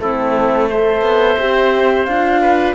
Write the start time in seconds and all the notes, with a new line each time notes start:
0.00 A3 C4 E4 A4
0.70 A4 C5 E5
1.02 B3
1.39 C4 G4
2.05 D4 F4 F5
2.42 B4